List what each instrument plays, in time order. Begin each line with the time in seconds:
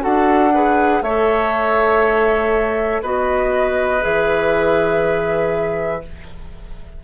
0.00 bassoon D4, clarinet F#4, oboe A4, flute F#5
0.54 clarinet G#4, oboe B4
1.02 bassoon A3, clarinet A4, oboe C#5, flute E5
3.03 bassoon B3, clarinet F#4, oboe B4, flute D#5
4.02 bassoon E3, clarinet G#4, flute E5